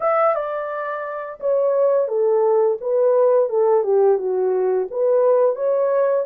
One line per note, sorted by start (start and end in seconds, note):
0.00 0.35 E5
0.35 1.39 D5
1.40 2.07 C#5
2.07 2.77 A4
2.80 3.49 B4
3.49 3.83 A4
3.83 4.18 G4
4.18 4.87 F#4
4.90 5.55 B4
5.55 6.25 C#5